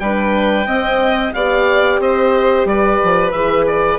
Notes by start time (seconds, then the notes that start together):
0.00 G3 D4 B4 G5
0.66 C4 D#5
1.34 B3 G4 D5 F5
1.99 C4 C5 D#5
2.65 G3 B4 D5
3.03 F3
3.32 E3 G#4 E5
3.67 D5